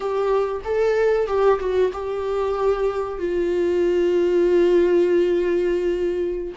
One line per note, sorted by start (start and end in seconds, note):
0.00 0.61 G4
0.64 1.27 A4
1.27 1.59 G4
1.59 1.91 F#4
1.92 3.18 G4
3.18 6.53 F4